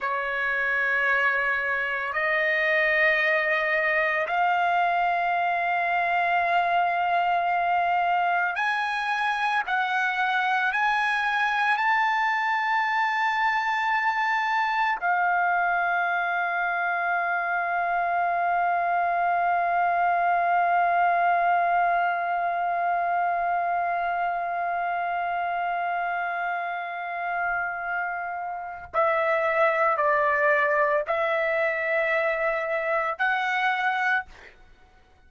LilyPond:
\new Staff \with { instrumentName = "trumpet" } { \time 4/4 \tempo 4 = 56 cis''2 dis''2 | f''1 | gis''4 fis''4 gis''4 a''4~ | a''2 f''2~ |
f''1~ | f''1~ | f''2. e''4 | d''4 e''2 fis''4 | }